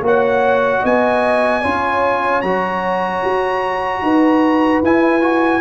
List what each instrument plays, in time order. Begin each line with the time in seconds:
0.00 tuba A#3, trombone F#4, horn C#5
0.07 trumpet F#5
0.81 tuba B3, horn D#5, trumpet G#5
1.61 tuba C#4, trombone F4, horn C#5
2.41 tuba F#3, trombone F#4, trumpet A#5
3.24 tuba F#4
4.01 tuba D#4, horn B4
4.82 tuba E4, trombone E4, trumpet G#5
5.21 trombone F#4